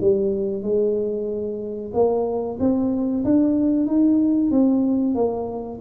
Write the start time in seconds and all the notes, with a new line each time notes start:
0.00 G3
0.62 G#3
1.93 A#3
2.59 C4
3.24 D4
3.86 D#4
4.50 C4
5.14 A#3